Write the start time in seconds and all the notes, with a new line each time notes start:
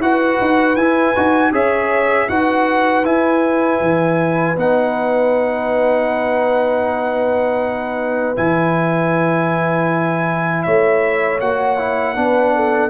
0.00 E4 F#4 B4 F#5
0.41 D#4
0.76 E4 G#5
1.16 D#4 F#4
1.52 C#4 G#4 C#5 E5
2.29 D#4 F#4 B4 F#5
3.04 E4 G#5
3.81 E3
4.57 B3 D#4 F#5
8.37 E3 E4 G#5
10.63 A3 C#5 E5
11.41 A#3 F#4 F#5
11.78 E4
12.16 B3 D4 B4
12.56 A4